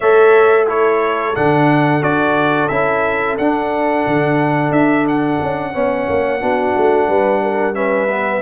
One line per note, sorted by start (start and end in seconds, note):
0.00 1.35 A3
0.00 0.67 A4
0.00 0.65 C#5
0.00 0.67 E5
0.66 1.34 E4
0.66 5.72 A4
0.66 1.35 C#5
1.34 2.01 D3
1.34 2.02 D4
1.34 2.03 F#5
2.01 2.69 D4
2.01 2.69 F#4
2.01 2.68 D5
2.68 3.37 C#4
2.68 3.38 E4
2.68 3.35 E5
3.37 4.05 D4
3.37 5.73 D4
3.37 4.72 F#5
4.06 4.70 D3
4.70 5.38 D4
4.70 5.06 E5
5.07 7.74 F#5
5.41 5.74 C#4
5.73 6.08 B3
5.73 6.40 C#4
5.73 6.40 C#5
6.08 6.42 A#3
6.40 6.75 B3
6.40 7.74 D4
6.40 7.08 F#4
6.76 7.08 A3
7.08 8.42 G3
7.08 7.41 B4
7.42 7.75 A#4
7.74 8.08 C#4
7.74 8.42 B4
7.74 8.42 E5
8.09 8.42 B3